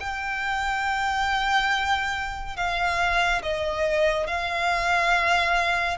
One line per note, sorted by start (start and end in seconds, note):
0.00 2.56 G5
2.56 3.42 F5
3.42 4.27 D#5
4.27 5.97 F5